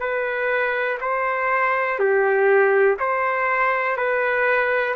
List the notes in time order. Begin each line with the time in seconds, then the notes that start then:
0.00 B4
1.01 C5
1.99 G4
2.99 C5
3.97 B4